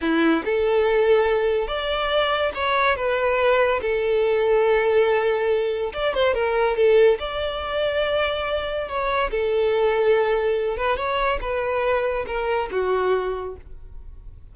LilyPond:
\new Staff \with { instrumentName = "violin" } { \time 4/4 \tempo 4 = 142 e'4 a'2. | d''2 cis''4 b'4~ | b'4 a'2.~ | a'2 d''8 c''8 ais'4 |
a'4 d''2.~ | d''4 cis''4 a'2~ | a'4. b'8 cis''4 b'4~ | b'4 ais'4 fis'2 | }